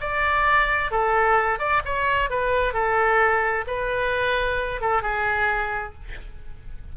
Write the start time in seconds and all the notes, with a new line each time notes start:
0.00 D5
0.91 A4
1.59 D5
1.85 C#5
2.30 B4
2.73 A4
3.67 B4
4.81 A4
5.02 G#4